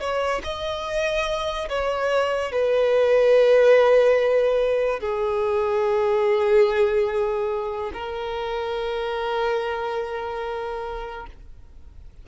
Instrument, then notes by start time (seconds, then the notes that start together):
violin
0.00 C#5
0.43 D#5
1.69 C#5
2.52 B4
4.99 G#4
7.93 A#4